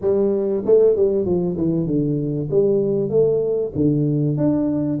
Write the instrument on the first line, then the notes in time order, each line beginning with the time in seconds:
tuba
0.01 G3
0.65 A3
0.95 G3
1.25 F3
1.57 E3
1.86 D3
2.50 G3
3.09 A3
3.75 D3
4.37 D4